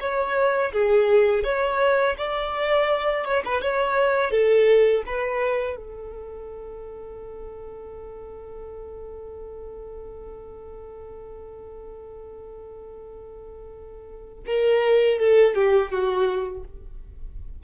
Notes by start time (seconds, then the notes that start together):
0.00 C#5
0.72 G#4
1.44 C#5
2.18 D5
3.25 C#5
3.45 B4
3.61 C#5
4.31 A4
5.06 B4
5.76 A4
14.46 A#4
15.19 A4
15.55 G4
15.91 F#4